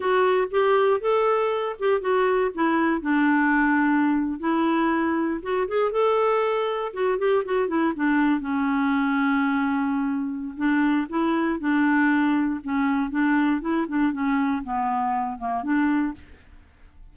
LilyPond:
\new Staff \with { instrumentName = "clarinet" } { \time 4/4 \tempo 4 = 119 fis'4 g'4 a'4. g'8 | fis'4 e'4 d'2~ | d'8. e'2 fis'8 gis'8 a'16~ | a'4.~ a'16 fis'8 g'8 fis'8 e'8 d'16~ |
d'8. cis'2.~ cis'16~ | cis'4 d'4 e'4 d'4~ | d'4 cis'4 d'4 e'8 d'8 | cis'4 b4. ais8 d'4 | }